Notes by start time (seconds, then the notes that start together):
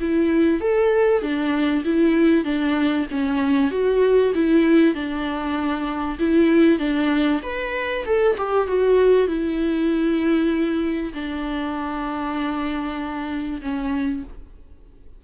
0.00 E4
0.61 A4
1.22 D4
1.84 E4
2.45 D4
3.11 C#4
3.71 F#4
4.35 E4
4.94 D4
6.19 E4
6.79 D4
7.43 B4
8.05 A4
8.37 G4
8.67 F#4
9.27 E4
11.13 D4
13.62 C#4